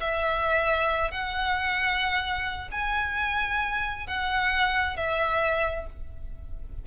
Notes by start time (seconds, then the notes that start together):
0.00 E5
1.11 F#5
2.71 G#5
4.07 F#5
4.96 E5